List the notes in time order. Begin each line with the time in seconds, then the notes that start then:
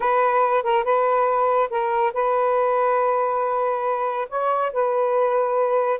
0.00 B4
0.63 A#4
0.84 B4
1.69 A#4
2.13 B4
4.29 C#5
4.72 B4